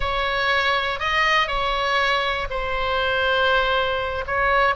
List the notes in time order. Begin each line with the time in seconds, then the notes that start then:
0.00 C#5
0.99 D#5
1.47 C#5
2.50 C5
4.26 C#5